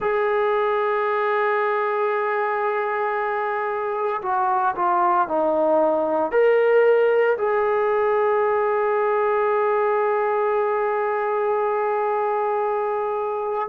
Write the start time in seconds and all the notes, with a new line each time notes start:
0.00 G#4
4.22 F#4
4.75 F4
5.27 D#4
6.31 A#4
7.37 G#4